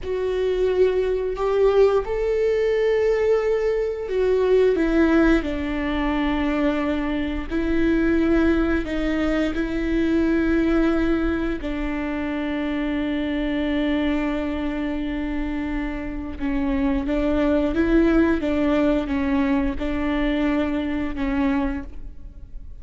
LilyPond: \new Staff \with { instrumentName = "viola" } { \time 4/4 \tempo 4 = 88 fis'2 g'4 a'4~ | a'2 fis'4 e'4 | d'2. e'4~ | e'4 dis'4 e'2~ |
e'4 d'2.~ | d'1 | cis'4 d'4 e'4 d'4 | cis'4 d'2 cis'4 | }